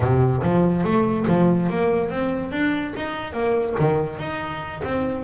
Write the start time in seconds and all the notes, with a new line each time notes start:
0.00 C3
0.42 F3
0.84 A3
1.27 F3
1.69 A#3
2.10 C4
2.51 D4
2.96 D#4
3.33 A#3
3.79 D#3
4.18 D#4
4.83 C4